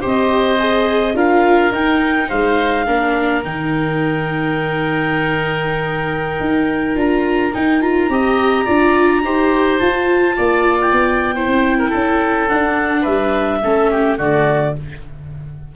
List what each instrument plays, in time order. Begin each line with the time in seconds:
0.00 tuba C4, viola G4, oboe C5
0.06 clarinet D#5
0.59 viola G#4
1.13 tuba D4, viola F4, oboe A#4, clarinet F5
1.71 tuba D#4, viola D#4, clarinet G5
2.28 tuba G#3, oboe C5, clarinet F5
2.86 tuba A#3, viola D4, oboe A#4
3.43 tuba D#3, viola D#4, clarinet G5
6.39 tuba D#4
6.95 tuba D4, viola F4, clarinet A#5
7.53 viola D#4, tuba D#4, clarinet G5
7.81 viola F4, clarinet A#5
8.09 tuba C4, viola G4, oboe D#5
8.64 tuba D4, viola F4, oboe D5
9.23 tuba D#4, viola G4, oboe C5
9.78 viola F4, tuba F4, clarinet A5
10.36 tuba A#3, oboe D5
10.80 clarinet G5
10.92 tuba B3
11.34 viola E4, oboe C5
11.47 tuba C4
11.78 oboe A#4
11.89 tuba C#4, oboe A4
12.48 viola D4, tuba D4, clarinet F#5
13.01 tuba G3, oboe B4, clarinet E5
13.63 tuba A3, viola C#4, oboe A4
13.91 oboe G4
14.17 tuba D3, viola A3, oboe F#4, clarinet D5